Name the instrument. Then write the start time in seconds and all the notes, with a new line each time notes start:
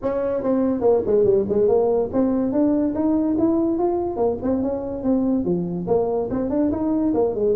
tuba
0.02 C#4
0.43 C4
0.81 A#3
1.06 G#3
1.24 G3
1.48 G#3
1.67 A#3
2.12 C4
2.52 D4
2.94 D#4
3.38 E4
3.78 F4
4.16 A#3
4.42 C4
4.62 C#4
5.03 C4
5.45 F3
5.87 A#3
6.30 C4
6.49 D4
6.71 D#4
7.13 A#3
7.34 G#3